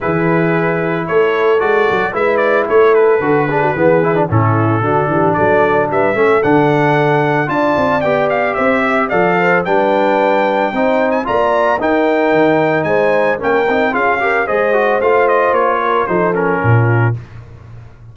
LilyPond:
<<
  \new Staff \with { instrumentName = "trumpet" } { \time 4/4 \tempo 4 = 112 b'2 cis''4 d''4 | e''8 d''8 cis''8 b'2~ b'8 | a'2 d''4 e''4 | fis''2 a''4 g''8 f''8 |
e''4 f''4 g''2~ | g''8. gis''16 ais''4 g''2 | gis''4 g''4 f''4 dis''4 | f''8 dis''8 cis''4 c''8 ais'4. | }
  \new Staff \with { instrumentName = "horn" } { \time 4/4 gis'2 a'2 | b'4 a'4. gis'16 fis'16 gis'4 | e'4 fis'8 g'8 a'4 b'8 a'8~ | a'2 d''2 |
c''8 e''8 d''8 c''8 b'2 | c''4 d''4 ais'2 | c''4 ais'4 gis'8 ais'8 c''4~ | c''4. ais'8 a'4 f'4 | }
  \new Staff \with { instrumentName = "trombone" } { \time 4/4 e'2. fis'4 | e'2 fis'8 d'8 b8 e'16 d'16 | cis'4 d'2~ d'8 cis'8 | d'2 f'4 g'4~ |
g'4 a'4 d'2 | dis'4 f'4 dis'2~ | dis'4 cis'8 dis'8 f'8 g'8 gis'8 fis'8 | f'2 dis'8 cis'4. | }
  \new Staff \with { instrumentName = "tuba" } { \time 4/4 e2 a4 gis8 fis8 | gis4 a4 d4 e4 | a,4 d8 e8 fis4 g8 a8 | d2 d'8 c'8 b4 |
c'4 f4 g2 | c'4 ais4 dis'4 dis4 | gis4 ais8 c'8 cis'4 gis4 | a4 ais4 f4 ais,4 | }
>>